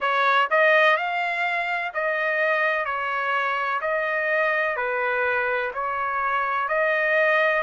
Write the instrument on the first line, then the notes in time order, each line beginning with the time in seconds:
trumpet
0.00 C#5
0.50 D#5
0.97 F5
1.94 D#5
2.85 C#5
3.81 D#5
4.76 B4
5.74 C#5
6.68 D#5